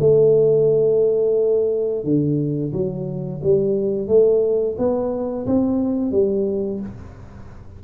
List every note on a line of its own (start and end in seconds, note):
0.00 2.04 A3
2.04 2.72 D3
2.73 3.42 F#3
3.43 4.08 G3
4.08 4.76 A3
4.78 5.46 B3
5.47 6.12 C4
6.12 6.80 G3